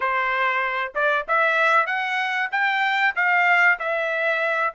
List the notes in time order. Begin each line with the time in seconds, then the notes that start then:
0.00 C5
0.94 D5
1.28 E5
1.86 F#5
2.51 G5
3.16 F5
3.79 E5